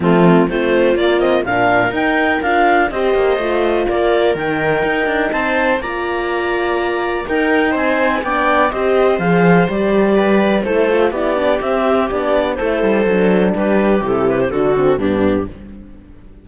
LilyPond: <<
  \new Staff \with { instrumentName = "clarinet" } { \time 4/4 \tempo 4 = 124 f'4 c''4 d''8 dis''8 f''4 | g''4 f''4 dis''2 | d''4 g''2 a''4 | ais''2. g''4 |
gis''4 g''4 dis''4 f''4 | d''2 c''4 d''4 | e''4 d''4 c''2 | b'4 a'8 b'16 c''16 a'4 g'4 | }
  \new Staff \with { instrumentName = "viola" } { \time 4/4 c'4 f'2 ais'4~ | ais'2 c''2 | ais'2. c''4 | d''2. ais'4 |
c''4 d''4 c''2~ | c''4 b'4 a'4 g'4~ | g'2 a'2 | g'2 fis'4 d'4 | }
  \new Staff \with { instrumentName = "horn" } { \time 4/4 a4 c'4 ais8 c'8 d'4 | dis'4 f'4 g'4 f'4~ | f'4 dis'2. | f'2. dis'4~ |
dis'4 d'4 g'4 gis'4 | g'2 e'8 f'8 e'8 d'8 | c'4 d'4 e'4 d'4~ | d'4 e'4 d'8 c'8 b4 | }
  \new Staff \with { instrumentName = "cello" } { \time 4/4 f4 a4 ais4 ais,4 | dis'4 d'4 c'8 ais8 a4 | ais4 dis4 dis'8 d'8 c'4 | ais2. dis'4 |
c'4 b4 c'4 f4 | g2 a4 b4 | c'4 b4 a8 g8 fis4 | g4 c4 d4 g,4 | }
>>